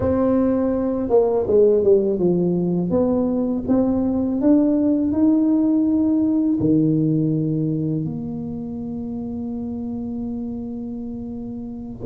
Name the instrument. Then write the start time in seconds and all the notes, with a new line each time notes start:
tuba
0.00 C4
1.09 A#3
1.47 G#3
1.83 G3
2.19 F3
2.90 B3
3.68 C4
4.41 D4
5.12 D#4
6.60 D#3
8.05 A#3